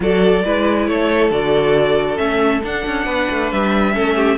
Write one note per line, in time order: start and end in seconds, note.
0.00 0.44 F#3
0.00 0.44 F#4
0.00 0.44 A4
0.00 0.86 D5
0.44 0.87 G#3
0.44 1.31 E4
0.44 0.88 B4
0.86 1.30 A3
0.86 3.05 A4
0.86 1.30 C#5
1.30 2.17 D3
1.30 2.16 F#4
1.30 2.17 D5
2.16 2.62 A3
2.16 2.60 C#4
2.16 2.60 E5
2.63 2.85 D4
2.63 3.93 D4
2.63 3.51 F#5
2.85 3.06 C#4
3.05 3.27 B3
3.05 3.93 B4
3.30 3.52 A3
3.51 3.95 G3
3.51 4.37 E5
3.93 4.37 A3
3.93 4.36 C#4
3.93 4.15 A4
4.15 4.37 G4